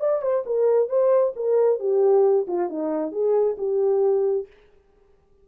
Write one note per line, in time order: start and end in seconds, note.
0.00 0.22 D5
0.22 0.44 C5
0.46 0.89 A#4
0.89 1.33 C5
1.36 1.79 A#4
1.79 2.46 G4
2.48 2.69 F4
2.69 3.12 D#4
3.12 3.56 G#4
3.58 4.47 G4